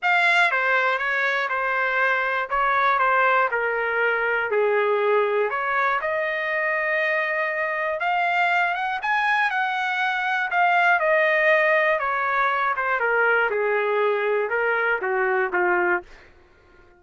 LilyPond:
\new Staff \with { instrumentName = "trumpet" } { \time 4/4 \tempo 4 = 120 f''4 c''4 cis''4 c''4~ | c''4 cis''4 c''4 ais'4~ | ais'4 gis'2 cis''4 | dis''1 |
f''4. fis''8 gis''4 fis''4~ | fis''4 f''4 dis''2 | cis''4. c''8 ais'4 gis'4~ | gis'4 ais'4 fis'4 f'4 | }